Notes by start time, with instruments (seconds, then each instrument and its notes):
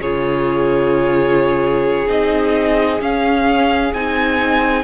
0.00 cello C#3, viola F4, violin G#4 C#5
2.07 cello C4, viola D#4, violin D#5
3.00 viola C#4, cello C#4, violin F5
3.93 cello C4, viola D#4, violin G#5